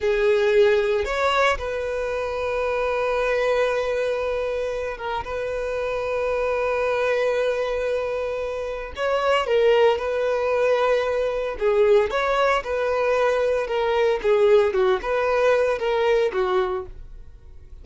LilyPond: \new Staff \with { instrumentName = "violin" } { \time 4/4 \tempo 4 = 114 gis'2 cis''4 b'4~ | b'1~ | b'4. ais'8 b'2~ | b'1~ |
b'4 cis''4 ais'4 b'4~ | b'2 gis'4 cis''4 | b'2 ais'4 gis'4 | fis'8 b'4. ais'4 fis'4 | }